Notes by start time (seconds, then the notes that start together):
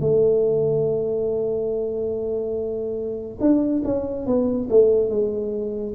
0.00 A3
3.40 D4
3.85 C#4
4.27 B3
4.71 A3
5.10 G#3